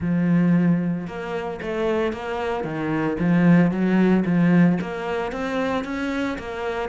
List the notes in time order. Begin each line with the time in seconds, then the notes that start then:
0.00 F3
1.07 A#3
1.61 A3
2.12 A#3
2.64 D#3
3.19 F3
3.71 F#3
4.25 F3
4.81 A#3
5.32 C4
5.84 C#4
6.38 A#3